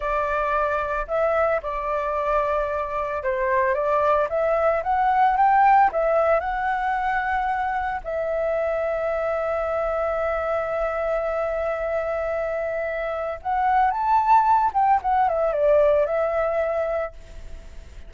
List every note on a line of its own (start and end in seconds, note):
0.00 1.06 D5
1.07 1.61 E5
1.62 3.23 D5
3.23 3.74 C5
3.74 4.28 D5
4.29 4.82 E5
4.83 5.36 F#5
5.36 5.90 G5
5.92 6.39 E5
6.39 8.00 F#5
8.04 13.39 E5
13.42 13.90 F#5
13.90 14.71 A5
14.73 15.00 G5
15.02 15.28 F#5
15.28 15.53 E5
15.53 16.06 D5
16.06 17.13 E5